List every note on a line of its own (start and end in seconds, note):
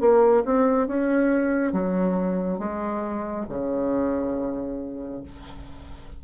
0.00 0.43 A#3
0.45 0.87 C4
0.87 1.72 C#4
1.72 2.58 F#3
2.58 3.45 G#3
3.49 5.23 C#3